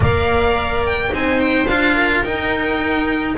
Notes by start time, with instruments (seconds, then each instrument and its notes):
0.00 double bass A#3, cello A#4, viola D5, violin F5
0.85 violin G5
1.09 double bass C4, cello D#4, viola C5, violin G#5
1.40 violin G5
1.66 double bass D4, cello F4, violin F5
1.95 viola A#4
2.23 double bass D#4, cello D#4, violin G5